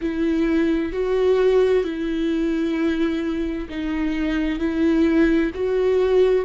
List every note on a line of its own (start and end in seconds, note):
0.01 0.92 E4
0.92 1.83 F#4
1.83 3.68 E4
3.69 4.59 D#4
4.59 5.51 E4
5.54 6.45 F#4